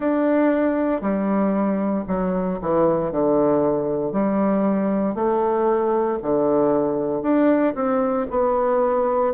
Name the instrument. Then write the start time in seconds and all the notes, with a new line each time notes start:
bassoon
0.00 D4
1.01 G3
2.07 F#3
2.61 E3
3.11 D3
4.12 G3
5.14 A3
6.22 D3
7.22 D4
7.74 C4
8.30 B3